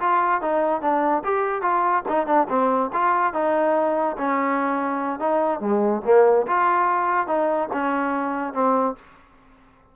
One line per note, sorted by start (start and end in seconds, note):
0.00 0.41 F4
0.41 0.81 D#4
0.81 1.23 D4
1.24 1.62 G4
1.62 2.03 F4
2.09 2.27 D#4
2.27 2.48 D4
2.49 2.91 C4
2.93 3.33 F4
3.33 4.17 D#4
4.17 5.19 C#4
5.19 5.60 D#4
5.60 6.02 G#3
6.05 6.47 A#3
6.47 7.27 F4
7.27 7.69 D#4
7.73 8.54 C#4
8.54 8.95 C4